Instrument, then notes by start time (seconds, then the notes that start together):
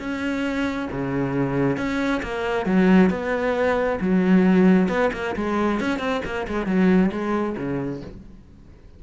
cello
0.00 C#4
0.92 C#3
1.77 C#4
2.23 A#3
2.66 F#3
3.11 B3
4.01 F#3
4.89 B3
5.14 A#3
5.36 G#3
5.81 C#4
6.00 C4
6.25 A#3
6.48 G#3
6.66 F#3
7.12 G#3
7.57 C#3